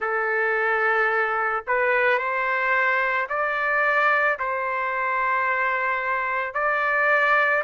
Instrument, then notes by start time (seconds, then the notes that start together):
trumpet
0.00 A4
1.67 B4
2.18 C5
3.29 D5
4.39 C5
6.54 D5